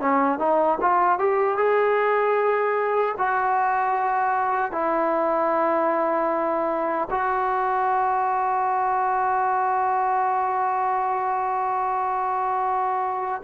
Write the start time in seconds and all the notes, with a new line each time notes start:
0.00 C#4
0.38 D#4
0.81 F4
1.18 G4
1.57 G#4
3.18 F#4
4.71 E4
7.10 F#4